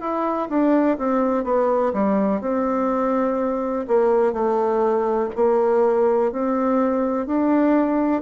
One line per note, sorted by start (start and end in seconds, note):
0.00 0.48 E4
0.49 0.98 D4
0.98 1.44 C4
1.44 1.92 B3
1.93 2.41 G3
2.41 3.86 C4
3.87 4.33 A#3
4.33 5.30 A3
5.35 6.32 A#3
6.32 7.26 C4
7.26 8.22 D4